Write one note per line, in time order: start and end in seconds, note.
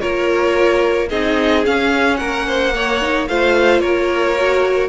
0.00 1.12 A#3
0.00 1.08 F4
0.00 1.09 A#4
0.00 1.09 C#5
1.09 1.66 C4
1.09 1.64 D#4
1.09 2.18 G#4
1.09 1.64 D#5
1.64 2.72 C#4
1.64 2.20 C#4
1.64 2.17 F5
2.17 3.29 A#3
2.17 2.46 A#4
2.17 3.25 F#5
2.47 2.74 C5
2.75 3.01 A#3
2.75 3.29 C#5
3.01 3.28 D#4
3.28 3.80 A3
3.28 4.36 F4
3.28 3.82 C5
3.28 3.80 F5
3.80 4.88 A#3
3.80 4.89 A#4
3.80 4.89 C#5
4.36 4.89 F#4